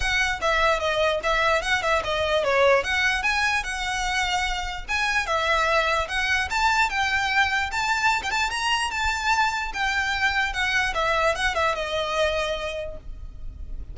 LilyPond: \new Staff \with { instrumentName = "violin" } { \time 4/4 \tempo 4 = 148 fis''4 e''4 dis''4 e''4 | fis''8 e''8 dis''4 cis''4 fis''4 | gis''4 fis''2. | gis''4 e''2 fis''4 |
a''4 g''2 a''4~ | a''16 g''16 a''8 ais''4 a''2 | g''2 fis''4 e''4 | fis''8 e''8 dis''2. | }